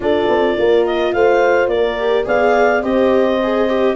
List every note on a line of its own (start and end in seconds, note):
0.00 0.27 D4
0.00 1.97 F4
0.00 0.58 A4
0.00 0.86 D5
0.28 0.56 C4
0.58 1.13 A#3
0.58 1.14 A#4
0.86 1.13 D#5
1.13 1.67 A3
1.13 1.70 C5
1.13 1.68 F5
1.67 2.24 A#3
1.67 2.25 A#4
1.67 2.24 D5
1.98 2.25 G4
2.25 2.82 B3
2.25 2.82 G#4
2.25 2.82 D5
2.25 2.83 F5
2.82 3.95 C4
2.82 3.39 G4
2.82 3.95 C5
2.82 3.95 D#5
3.42 3.69 G#4
3.69 3.95 G4